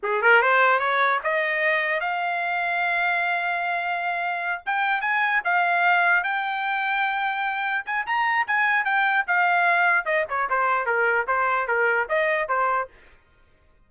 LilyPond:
\new Staff \with { instrumentName = "trumpet" } { \time 4/4 \tempo 4 = 149 gis'8 ais'8 c''4 cis''4 dis''4~ | dis''4 f''2.~ | f''2.~ f''8 g''8~ | g''8 gis''4 f''2 g''8~ |
g''2.~ g''8 gis''8 | ais''4 gis''4 g''4 f''4~ | f''4 dis''8 cis''8 c''4 ais'4 | c''4 ais'4 dis''4 c''4 | }